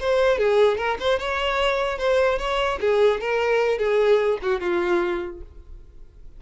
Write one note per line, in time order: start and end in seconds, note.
0.00 0.38 C5
0.38 0.77 G#4
0.77 0.97 A#4
1.00 1.19 C5
1.19 1.98 C#5
1.98 2.38 C5
2.39 2.79 C#5
2.80 3.20 G#4
3.20 3.78 A#4
3.78 4.39 G#4
4.42 4.60 F#4
4.60 5.41 F4